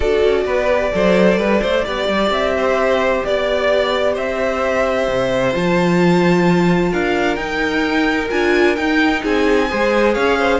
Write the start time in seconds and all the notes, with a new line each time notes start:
0.00 D4 F#4 A4 D5
0.24 C#4
0.45 B3 B4
0.69 G4
0.93 F#3 A4 C5
1.37 G3 B4
1.61 A3 C5
1.84 B3 G4 D5
2.08 G3
2.30 C4 E5
2.57 C5
3.24 B3 D5
4.13 C4 C5 E5
5.08 C3
5.53 F3 F4 A5
6.90 D4 A#4 F5
7.36 D#4 G5
8.30 D4 F4 G#5
8.75 D#4 G5
9.22 C4 G#4 G#5
9.68 G#3 G#4 C5
10.14 C#4 C#5 F5
10.38 C5